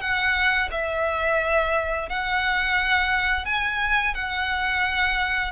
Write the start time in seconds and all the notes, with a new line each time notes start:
0.00 F#5
0.71 E5
2.09 F#5
3.45 G#5
4.14 F#5